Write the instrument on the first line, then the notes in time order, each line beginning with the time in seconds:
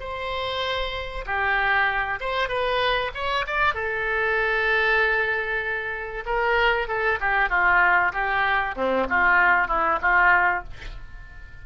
oboe
0.00 C5
1.26 G4
2.20 C5
2.49 B4
3.14 C#5
3.47 D5
3.74 A4
6.26 A#4
6.88 A4
7.20 G4
7.50 F4
8.13 G4
8.76 C4
9.10 F4
9.68 E4
10.01 F4